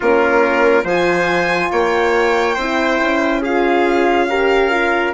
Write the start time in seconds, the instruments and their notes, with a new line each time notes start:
0.00 bassoon A#3, horn C#4, trumpet F4, violin A#4
0.83 bassoon F3, horn F4, trumpet C5, violin G#5
1.71 bassoon A#3, trumpet C#5, violin G5
2.54 bassoon C4, horn E4, trumpet C5
3.01 bassoon C#4
3.41 horn F4, trumpet G#4, violin F5
4.29 horn G4, trumpet A#4
4.70 horn F4